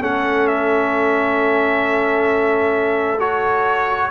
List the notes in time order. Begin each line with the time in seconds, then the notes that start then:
0.00 A3 C#4 A4 F#5
0.48 E5
3.20 F#4 C#5